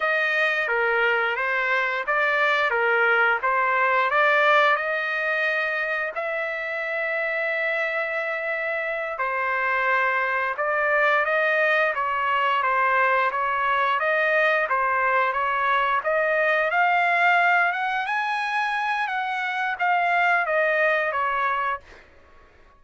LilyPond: \new Staff \with { instrumentName = "trumpet" } { \time 4/4 \tempo 4 = 88 dis''4 ais'4 c''4 d''4 | ais'4 c''4 d''4 dis''4~ | dis''4 e''2.~ | e''4. c''2 d''8~ |
d''8 dis''4 cis''4 c''4 cis''8~ | cis''8 dis''4 c''4 cis''4 dis''8~ | dis''8 f''4. fis''8 gis''4. | fis''4 f''4 dis''4 cis''4 | }